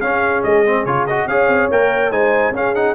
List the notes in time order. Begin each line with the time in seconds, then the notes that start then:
0.00 C#4 G#4 F5
0.43 G#3 D#5
0.65 C4
0.85 C#3 F4 C#5
1.06 F#4 D#5
1.26 C#4 G#4 C#5 F5
1.47 C4
1.70 A#3 A#4 G5
2.11 G#3 D#4 C5 G#5
2.50 C#4 G#4 F5
2.74 D#4 F#5